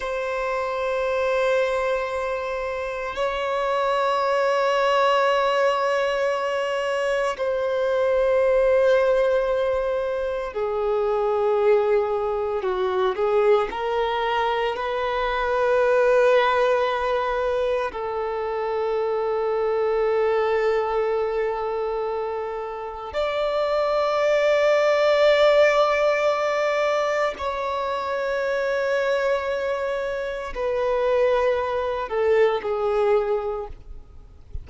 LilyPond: \new Staff \with { instrumentName = "violin" } { \time 4/4 \tempo 4 = 57 c''2. cis''4~ | cis''2. c''4~ | c''2 gis'2 | fis'8 gis'8 ais'4 b'2~ |
b'4 a'2.~ | a'2 d''2~ | d''2 cis''2~ | cis''4 b'4. a'8 gis'4 | }